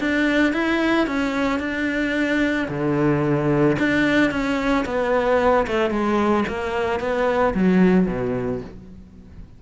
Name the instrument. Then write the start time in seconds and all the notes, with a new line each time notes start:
cello
0.00 D4
0.53 E4
1.07 C#4
1.60 D4
2.69 D3
3.79 D4
4.31 C#4
4.86 B3
5.68 A3
5.90 G#3
6.49 A#3
7.00 B3
7.54 F#3
8.07 B2